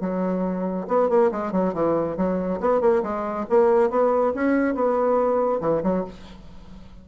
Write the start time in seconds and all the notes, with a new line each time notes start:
0.00 F#3
0.87 B3
1.09 A#3
1.31 G#3
1.51 F#3
1.73 E3
2.16 F#3
2.60 B3
2.81 A#3
3.02 G#3
3.49 A#3
3.89 B3
4.34 C#4
4.75 B3
5.60 E3
5.83 F#3